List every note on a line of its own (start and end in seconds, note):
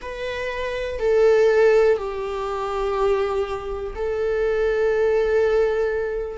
0.01 0.99 B4
0.99 1.97 A4
1.97 3.93 G4
3.95 6.38 A4